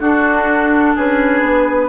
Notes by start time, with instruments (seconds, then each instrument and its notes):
0.00 bassoon D4, clarinet D4, oboe F#4, flute A4
0.96 bassoon C#4, oboe G#4, flute B4
1.42 bassoon B3